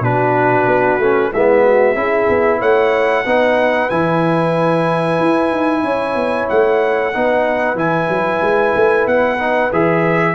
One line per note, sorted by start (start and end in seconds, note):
0.00 0.65 B2
0.00 1.00 D4
0.00 1.31 F#4
0.00 1.33 B4
0.67 0.98 B3
0.98 1.31 A3
0.98 1.33 C#4
1.33 1.95 G#3
1.33 1.96 B3
1.33 1.63 E4
1.33 2.61 E5
1.63 1.96 F#4
1.95 2.27 C#4
1.95 3.25 E4
1.95 2.59 G#4
2.29 2.61 B3
2.59 3.25 A3
2.59 3.23 C#5
2.59 3.90 F#5
3.25 3.90 B3
3.25 3.90 D#4
3.25 5.84 B4
3.90 5.20 E3
3.90 7.13 E4
3.90 6.48 G#5
5.20 5.51 E4
5.51 5.83 D#4
5.83 6.15 C#4
5.83 7.14 C#5
6.15 6.47 B3
6.49 7.15 A3
6.49 7.78 F#5
7.14 7.74 B3
7.14 7.76 D#4
7.14 10.34 B4
7.74 8.07 E3
7.74 9.38 E4
7.74 9.07 G#5
8.08 8.41 F#3
8.41 8.74 G#3
8.75 9.07 A3
9.07 9.71 B3
9.07 9.72 F#5
9.38 9.71 D#4
9.72 10.34 E3
9.72 10.34 G#4
9.72 10.34 E5